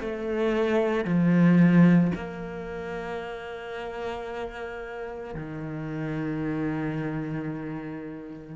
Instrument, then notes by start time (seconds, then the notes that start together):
cello
0.00 A3
1.05 F3
2.15 A#3
5.35 D#3